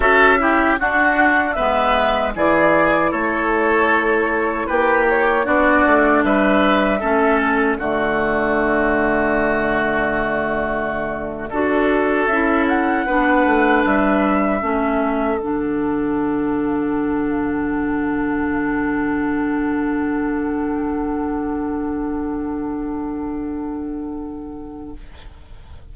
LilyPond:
<<
  \new Staff \with { instrumentName = "flute" } { \time 4/4 \tempo 4 = 77 e''4 fis''4 e''4 d''4 | cis''2 b'8 cis''8 d''4 | e''4. d''2~ d''8~ | d''2.~ d''8. e''16~ |
e''16 fis''4. e''2 fis''16~ | fis''1~ | fis''1~ | fis''1 | }
  \new Staff \with { instrumentName = "oboe" } { \time 4/4 a'8 g'8 fis'4 b'4 gis'4 | a'2 g'4 fis'4 | b'4 a'4 fis'2~ | fis'2~ fis'8. a'4~ a'16~ |
a'8. b'2 a'4~ a'16~ | a'1~ | a'1~ | a'1 | }
  \new Staff \with { instrumentName = "clarinet" } { \time 4/4 fis'8 e'8 d'4 b4 e'4~ | e'2. d'4~ | d'4 cis'4 a2~ | a2~ a8. fis'4 e'16~ |
e'8. d'2 cis'4 d'16~ | d'1~ | d'1~ | d'1 | }
  \new Staff \with { instrumentName = "bassoon" } { \time 4/4 cis'4 d'4 gis4 e4 | a2 ais4 b8 a8 | g4 a4 d2~ | d2~ d8. d'4 cis'16~ |
cis'8. b8 a8 g4 a4 d16~ | d1~ | d1~ | d1 | }
>>